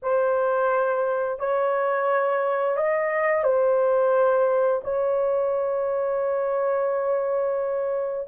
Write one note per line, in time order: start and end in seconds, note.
0.02 1.39 C5
1.39 2.76 C#5
2.76 3.43 D#5
3.43 4.81 C5
4.84 8.27 C#5